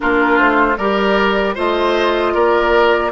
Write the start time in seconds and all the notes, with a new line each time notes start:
0.00 A#3 D4 F4 A#4
0.38 A3 C5
0.77 G3 G4 A#4 D5
1.55 A3 F4 C5 D#5
2.33 A#3 A#4 D5